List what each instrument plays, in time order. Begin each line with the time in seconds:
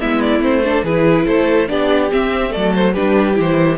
0.00 cello G#3, viola B3, violin E4 E5
0.21 violin D5
0.40 cello A3, viola C4, violin C5
0.64 viola D4, violin A4
0.83 cello E3, viola E4, violin G#4 B4
1.26 cello A3, violin A4 C5
1.68 cello B3, viola D4, violin G4 D5
2.11 viola C4, cello C4, violin E5
2.50 cello F#3, viola A3, violin A4 D5
2.75 violin C5
2.93 cello G3, viola D4, violin G4 B4
3.34 cello E3, viola E4
3.40 violin C5